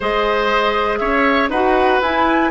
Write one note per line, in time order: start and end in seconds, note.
0.00 1.01 G#3
0.00 1.52 G#4
0.00 0.98 C5
0.00 0.97 D#5
0.97 1.49 C#4
0.97 1.50 C#5
0.97 1.48 E5
1.49 1.99 D#4
1.49 2.02 F#4
1.49 2.51 B4
1.49 2.01 F#5
2.01 2.51 E4
2.01 2.51 G#5